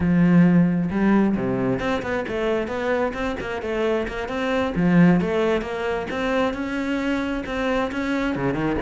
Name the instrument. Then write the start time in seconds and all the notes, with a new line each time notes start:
cello
0.00 F3
0.90 G3
1.36 C3
1.79 C4
2.02 B3
2.28 A3
2.67 B3
3.13 C4
3.40 A#3
3.62 A3
4.07 A#3
4.28 C4
4.75 F3
5.20 A3
5.61 A#3
6.10 C4
6.53 C#4
7.46 C4
7.91 C#4
8.35 C#3
8.54 D#3